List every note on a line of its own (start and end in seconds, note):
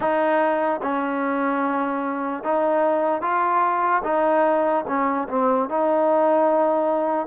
0.00 0.80 D#4
0.82 2.43 C#4
2.43 3.21 D#4
3.21 4.02 F4
4.03 4.84 D#4
4.87 5.28 C#4
5.29 5.69 C4
5.69 7.26 D#4